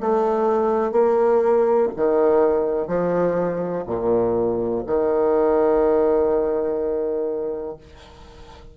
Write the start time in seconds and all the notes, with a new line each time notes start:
0.00 A3
0.91 A#3
1.96 D#3
2.87 F3
3.86 A#2
4.86 D#3